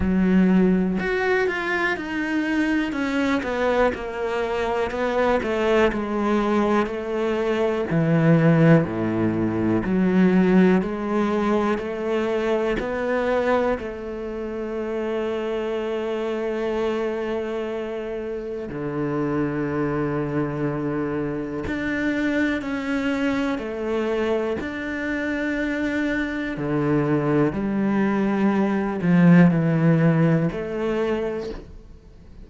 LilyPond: \new Staff \with { instrumentName = "cello" } { \time 4/4 \tempo 4 = 61 fis4 fis'8 f'8 dis'4 cis'8 b8 | ais4 b8 a8 gis4 a4 | e4 a,4 fis4 gis4 | a4 b4 a2~ |
a2. d4~ | d2 d'4 cis'4 | a4 d'2 d4 | g4. f8 e4 a4 | }